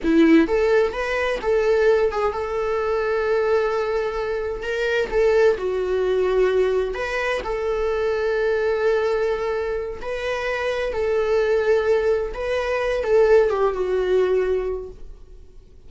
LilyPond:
\new Staff \with { instrumentName = "viola" } { \time 4/4 \tempo 4 = 129 e'4 a'4 b'4 a'4~ | a'8 gis'8 a'2.~ | a'2 ais'4 a'4 | fis'2. b'4 |
a'1~ | a'4. b'2 a'8~ | a'2~ a'8 b'4. | a'4 g'8 fis'2~ fis'8 | }